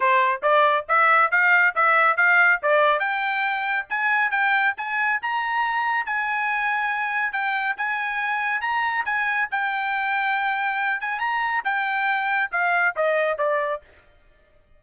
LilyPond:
\new Staff \with { instrumentName = "trumpet" } { \time 4/4 \tempo 4 = 139 c''4 d''4 e''4 f''4 | e''4 f''4 d''4 g''4~ | g''4 gis''4 g''4 gis''4 | ais''2 gis''2~ |
gis''4 g''4 gis''2 | ais''4 gis''4 g''2~ | g''4. gis''8 ais''4 g''4~ | g''4 f''4 dis''4 d''4 | }